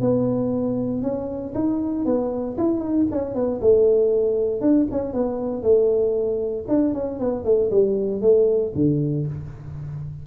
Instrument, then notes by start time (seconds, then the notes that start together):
tuba
0.00 B3
1.02 C#4
1.54 D#4
2.05 B3
2.57 E4
2.80 D#4
3.11 C#4
3.34 B3
3.61 A3
4.60 D4
4.91 C#4
5.13 B3
5.62 A3
6.68 D4
6.93 C#4
7.19 B3
7.44 A3
7.70 G3
8.21 A3
8.75 D3